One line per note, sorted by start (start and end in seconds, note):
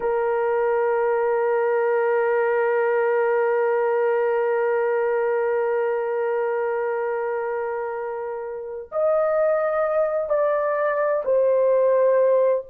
0.00 8.89 A#4
8.91 10.29 D#5
10.29 11.22 D5
11.24 12.65 C5